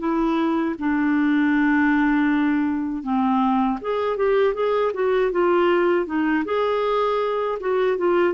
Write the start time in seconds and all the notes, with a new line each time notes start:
0.00 E4
0.79 D4
3.03 C4
3.81 G#4
4.17 G4
4.55 G#4
4.94 F#4
5.32 F4
6.07 D#4
6.45 G#4
7.61 F#4
7.98 F4